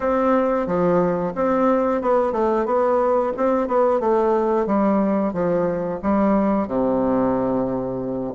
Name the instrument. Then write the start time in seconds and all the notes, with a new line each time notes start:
bassoon
0.00 C4
0.66 F3
1.35 C4
2.01 B3
2.32 A3
2.65 B3
3.36 C4
3.67 B3
4.00 A3
4.66 G3
5.33 F3
6.02 G3
6.67 C3